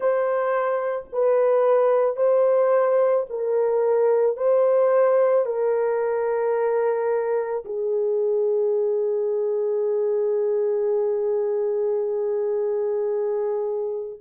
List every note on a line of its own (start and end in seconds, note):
0.00 1.05 C5
1.12 2.16 B4
2.16 3.25 C5
3.29 4.36 A#4
4.36 5.45 C5
5.45 7.64 A#4
7.64 14.19 G#4